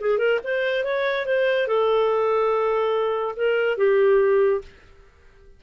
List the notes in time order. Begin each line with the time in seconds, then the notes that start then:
0.00 G#4
0.18 A#4
0.43 C5
0.84 C#5
1.25 C5
1.67 A4
3.36 A#4
3.77 G4